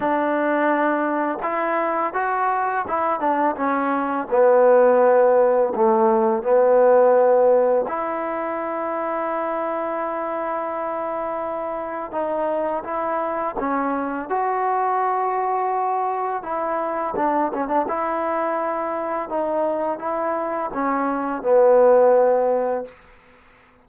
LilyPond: \new Staff \with { instrumentName = "trombone" } { \time 4/4 \tempo 4 = 84 d'2 e'4 fis'4 | e'8 d'8 cis'4 b2 | a4 b2 e'4~ | e'1~ |
e'4 dis'4 e'4 cis'4 | fis'2. e'4 | d'8 cis'16 d'16 e'2 dis'4 | e'4 cis'4 b2 | }